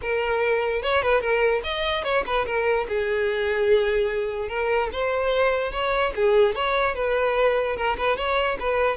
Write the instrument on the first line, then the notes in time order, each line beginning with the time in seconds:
violin
0.01 A#4
0.82 C#5
1.02 B4
1.20 A#4
1.63 D#5
2.03 C#5
2.26 B4
2.45 A#4
2.88 G#4
4.48 A#4
4.92 C5
5.71 C#5
6.15 G#4
6.55 C#5
6.94 B4
7.76 A#4
7.97 B4
8.17 C#5
8.59 B4